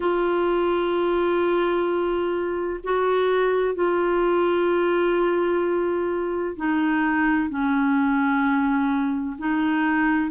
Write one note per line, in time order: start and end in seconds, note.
0.00 2.80 F4
2.83 3.74 F#4
3.74 6.55 F4
6.56 7.49 D#4
7.49 9.36 C#4
9.38 10.30 D#4